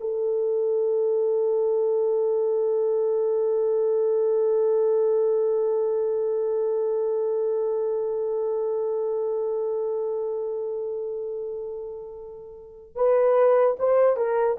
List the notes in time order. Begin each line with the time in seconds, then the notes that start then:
0.00 A4
12.95 B4
13.78 C5
14.16 A#4